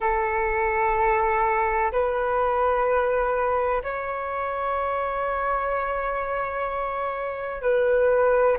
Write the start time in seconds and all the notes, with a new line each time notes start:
0.00 A4
1.91 B4
3.83 C#5
7.62 B4